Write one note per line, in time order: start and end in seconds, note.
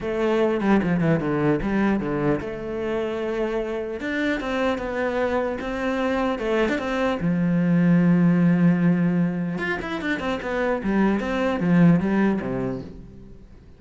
0.01 0.60 A3
0.60 0.80 G3
0.83 1.00 F3
1.00 1.20 E3
1.20 1.60 D3
1.61 1.99 G3
1.99 2.39 D3
2.40 4.00 A3
4.00 4.40 D4
4.40 4.77 C4
4.77 5.57 B3
5.61 6.38 C4
6.38 6.68 A3
6.69 6.78 D4
6.78 7.18 C4
7.20 9.58 F3
9.58 9.78 F4
9.81 10.01 E4
10.01 10.19 D4
10.19 10.39 C4
10.42 10.82 B3
10.83 11.20 G3
11.20 11.59 C4
11.59 11.99 F3
12.00 12.40 G3
12.41 12.81 C3